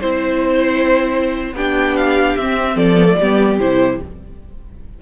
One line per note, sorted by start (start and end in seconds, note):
0.00 1.53 C4
0.00 1.55 E4
0.00 1.54 C5
0.00 1.55 C5
1.53 2.35 B3
1.53 2.39 D4
1.53 2.76 G4
1.53 1.96 G5
1.96 2.36 F5
2.36 2.76 C4
2.36 2.97 C4
2.36 2.77 E5
2.76 3.17 F3
2.76 3.17 A4
2.76 3.59 D5
2.97 3.05 B3
3.05 3.15 A3
3.20 3.59 G3
3.20 3.60 B3
3.20 4.02 G4
3.59 4.00 C3
3.59 4.01 E4
3.59 4.01 C5